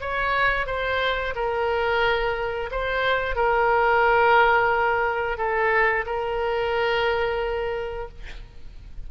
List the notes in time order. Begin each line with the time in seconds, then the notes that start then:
0.00 C#5
0.66 C5
1.35 A#4
2.71 C5
3.35 A#4
5.37 A4
6.06 A#4